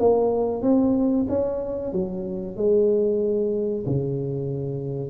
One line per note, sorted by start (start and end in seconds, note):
0.00 0.62 A#3
0.62 1.27 C4
1.29 1.93 C#4
1.93 2.57 F#3
2.57 3.86 G#3
3.87 5.11 C#3